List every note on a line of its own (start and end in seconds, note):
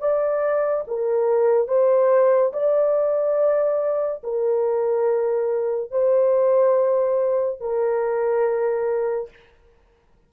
0.00 0.85 D5
0.88 1.68 A#4
1.68 2.52 C5
2.54 4.23 D5
4.24 5.92 A#4
5.92 7.61 C5
7.61 9.30 A#4